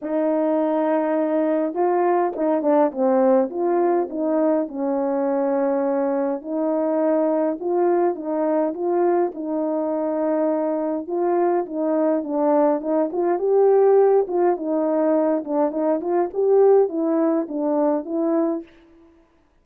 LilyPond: \new Staff \with { instrumentName = "horn" } { \time 4/4 \tempo 4 = 103 dis'2. f'4 | dis'8 d'8 c'4 f'4 dis'4 | cis'2. dis'4~ | dis'4 f'4 dis'4 f'4 |
dis'2. f'4 | dis'4 d'4 dis'8 f'8 g'4~ | g'8 f'8 dis'4. d'8 dis'8 f'8 | g'4 e'4 d'4 e'4 | }